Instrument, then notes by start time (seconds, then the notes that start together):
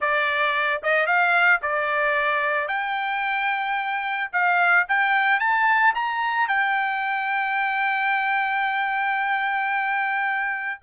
trumpet
0.00 D5
0.82 D#5
1.06 F5
1.62 D5
2.68 G5
4.32 F5
4.88 G5
5.39 A5
5.95 A#5
6.47 G5